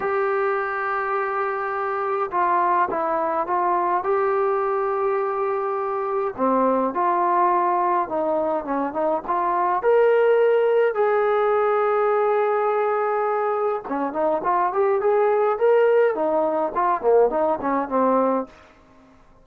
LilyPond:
\new Staff \with { instrumentName = "trombone" } { \time 4/4 \tempo 4 = 104 g'1 | f'4 e'4 f'4 g'4~ | g'2. c'4 | f'2 dis'4 cis'8 dis'8 |
f'4 ais'2 gis'4~ | gis'1 | cis'8 dis'8 f'8 g'8 gis'4 ais'4 | dis'4 f'8 ais8 dis'8 cis'8 c'4 | }